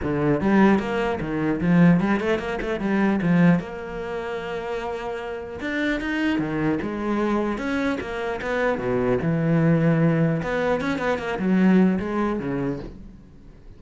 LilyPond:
\new Staff \with { instrumentName = "cello" } { \time 4/4 \tempo 4 = 150 d4 g4 ais4 dis4 | f4 g8 a8 ais8 a8 g4 | f4 ais2.~ | ais2 d'4 dis'4 |
dis4 gis2 cis'4 | ais4 b4 b,4 e4~ | e2 b4 cis'8 b8 | ais8 fis4. gis4 cis4 | }